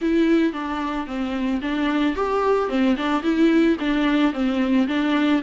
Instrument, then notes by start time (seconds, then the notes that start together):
viola
0.01 E4
0.53 D4
1.06 C4
1.61 D4
2.15 G4
2.69 C4
2.96 D4
3.22 E4
3.79 D4
4.33 C4
4.87 D4